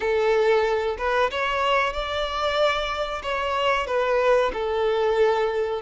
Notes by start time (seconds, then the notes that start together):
0.00 A4
0.98 B4
1.30 C#5
1.93 D5
3.23 C#5
3.87 B4
4.53 A4